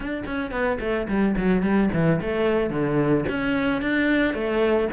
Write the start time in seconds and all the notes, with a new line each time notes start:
0.00 D4
0.26 C#4
0.51 B3
0.80 A3
1.08 G3
1.37 F#3
1.62 G3
1.93 E3
2.21 A3
2.70 D3
3.28 C#4
3.81 D4
4.34 A3